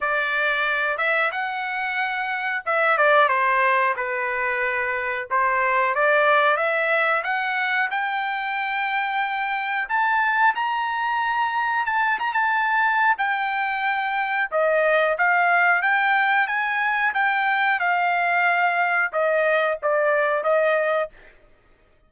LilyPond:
\new Staff \with { instrumentName = "trumpet" } { \time 4/4 \tempo 4 = 91 d''4. e''8 fis''2 | e''8 d''8 c''4 b'2 | c''4 d''4 e''4 fis''4 | g''2. a''4 |
ais''2 a''8 ais''16 a''4~ a''16 | g''2 dis''4 f''4 | g''4 gis''4 g''4 f''4~ | f''4 dis''4 d''4 dis''4 | }